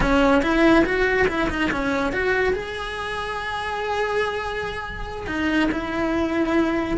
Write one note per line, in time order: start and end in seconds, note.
0.00 0.42 C#4
0.42 0.84 E4
0.85 1.27 F#4
1.27 1.48 E4
1.49 1.71 D#4
1.71 2.12 C#4
2.12 2.53 F#4
2.53 5.26 G#4
5.26 5.69 D#4
5.71 6.97 E4